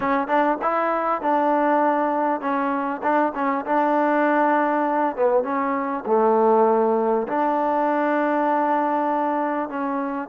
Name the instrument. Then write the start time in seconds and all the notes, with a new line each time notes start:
trombone
0.00 C#4
0.27 D4
0.62 E4
1.21 D4
2.40 C#4
3.02 D4
3.34 C#4
3.65 D4
5.16 B3
5.43 C#4
6.06 A3
7.27 D4
9.69 C#4